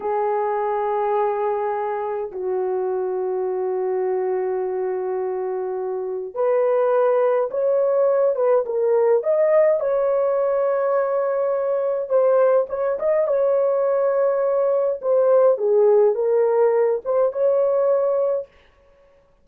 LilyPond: \new Staff \with { instrumentName = "horn" } { \time 4/4 \tempo 4 = 104 gis'1 | fis'1~ | fis'2. b'4~ | b'4 cis''4. b'8 ais'4 |
dis''4 cis''2.~ | cis''4 c''4 cis''8 dis''8 cis''4~ | cis''2 c''4 gis'4 | ais'4. c''8 cis''2 | }